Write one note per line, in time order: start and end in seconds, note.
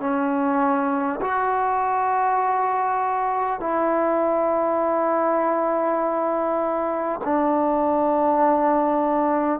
0.00 1.20 C#4
1.21 3.60 F#4
3.60 7.20 E4
7.24 9.59 D4